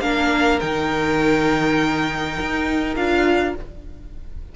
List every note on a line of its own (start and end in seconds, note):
0.00 0.60 A#3
0.00 0.61 D4
0.00 3.55 A#4
0.00 0.59 F5
0.60 2.38 D#3
0.60 2.96 D#4
0.60 2.95 G5
2.40 2.96 D#4
2.96 3.54 D4
2.96 3.55 F4
2.96 3.55 F5